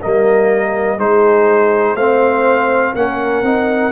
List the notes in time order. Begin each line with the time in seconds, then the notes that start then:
0.00 G3 A#3 A#4 D#5
0.98 G#3 D#4 G#4 C5
1.94 A3 C4 C5 F5
2.95 A#3 C#4 A#4 F#5
3.42 C4 D#4